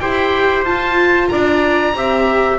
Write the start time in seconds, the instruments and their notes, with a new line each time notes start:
0.00 double bass E4, viola G4, trumpet C5, oboe G5
0.65 double bass F4, viola F4, oboe A5
1.29 double bass D4, trumpet D5, oboe A#5
1.95 double bass C4, viola G4, trumpet E5